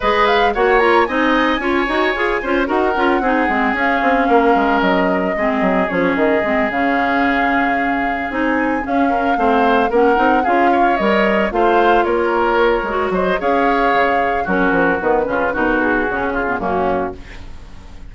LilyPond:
<<
  \new Staff \with { instrumentName = "flute" } { \time 4/4 \tempo 4 = 112 dis''8 f''8 fis''8 ais''8 gis''2~ | gis''4 fis''2 f''4~ | f''4 dis''2 cis''8 dis''8~ | dis''8 f''2. gis''8~ |
gis''8 f''2 fis''4 f''8~ | f''8 dis''4 f''4 cis''4.~ | cis''8 dis''8 f''2 ais'4 | b'4 ais'8 gis'4. fis'4 | }
  \new Staff \with { instrumentName = "oboe" } { \time 4/4 b'4 cis''4 dis''4 cis''4~ | cis''8 c''8 ais'4 gis'2 | ais'2 gis'2~ | gis'1~ |
gis'4 ais'8 c''4 ais'4 gis'8 | cis''4. c''4 ais'4.~ | ais'8 c''8 cis''2 fis'4~ | fis'8 f'8 fis'4. f'8 cis'4 | }
  \new Staff \with { instrumentName = "clarinet" } { \time 4/4 gis'4 fis'8 f'8 dis'4 f'8 fis'8 | gis'8 f'8 fis'8 f'8 dis'8 c'8 cis'4~ | cis'2 c'4 cis'4 | c'8 cis'2. dis'8~ |
dis'8 cis'4 c'4 cis'8 dis'8 f'8~ | f'8 ais'4 f'2~ f'8 | fis'4 gis'2 cis'4 | b8 cis'8 dis'4 cis'8. b16 ais4 | }
  \new Staff \with { instrumentName = "bassoon" } { \time 4/4 gis4 ais4 c'4 cis'8 dis'8 | f'8 cis'8 dis'8 cis'8 c'8 gis8 cis'8 c'8 | ais8 gis8 fis4 gis8 fis8 f8 dis8 | gis8 cis2. c'8~ |
c'8 cis'4 a4 ais8 c'8 cis'8~ | cis'8 g4 a4 ais4. | gis8 fis8 cis'4 cis4 fis8 f8 | dis8 cis8 b,4 cis4 fis,4 | }
>>